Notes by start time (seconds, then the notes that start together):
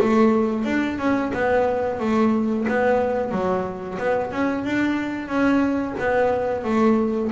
0.00 A3
0.65 D4
0.98 C#4
1.34 B3
2.00 A3
2.68 B3
3.32 F#3
3.98 B3
4.32 C#4
4.65 D4
5.28 C#4
5.99 B3
6.64 A3